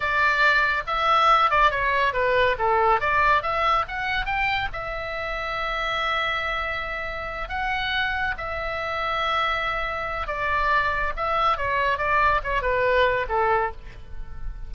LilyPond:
\new Staff \with { instrumentName = "oboe" } { \time 4/4 \tempo 4 = 140 d''2 e''4. d''8 | cis''4 b'4 a'4 d''4 | e''4 fis''4 g''4 e''4~ | e''1~ |
e''4. fis''2 e''8~ | e''1 | d''2 e''4 cis''4 | d''4 cis''8 b'4. a'4 | }